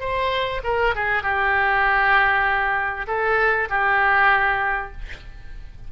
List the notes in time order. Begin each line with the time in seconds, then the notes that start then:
0.00 C5
0.64 A#4
0.95 G#4
1.22 G4
3.07 A4
3.70 G4